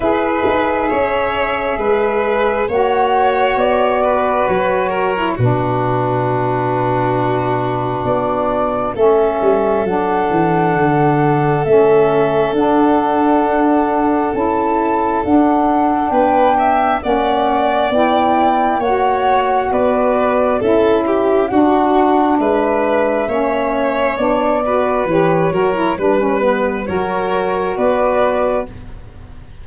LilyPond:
<<
  \new Staff \with { instrumentName = "flute" } { \time 4/4 \tempo 4 = 67 e''2. fis''4 | d''4 cis''4 b'2~ | b'4 d''4 e''4 fis''4~ | fis''4 e''4 fis''2 |
a''4 fis''4 g''4 fis''4 | g''4 fis''4 d''4 e''4 | fis''4 e''2 d''4 | cis''4 b'4 cis''4 d''4 | }
  \new Staff \with { instrumentName = "violin" } { \time 4/4 b'4 cis''4 b'4 cis''4~ | cis''8 b'4 ais'8 fis'2~ | fis'2 a'2~ | a'1~ |
a'2 b'8 e''8 d''4~ | d''4 cis''4 b'4 a'8 g'8 | fis'4 b'4 cis''4. b'8~ | b'8 ais'8 b'4 ais'4 b'4 | }
  \new Staff \with { instrumentName = "saxophone" } { \time 4/4 gis'2. fis'4~ | fis'4.~ fis'16 e'16 d'2~ | d'2 cis'4 d'4~ | d'4 cis'4 d'2 |
e'4 d'2 cis'4 | e'4 fis'2 e'4 | d'2 cis'4 d'8 fis'8 | g'8 fis'16 e'16 d'16 cis'16 b8 fis'2 | }
  \new Staff \with { instrumentName = "tuba" } { \time 4/4 e'8 dis'8 cis'4 gis4 ais4 | b4 fis4 b,2~ | b,4 b4 a8 g8 fis8 e8 | d4 a4 d'2 |
cis'4 d'4 b4 ais4 | b4 ais4 b4 cis'4 | d'4 gis4 ais4 b4 | e8 fis8 g4 fis4 b4 | }
>>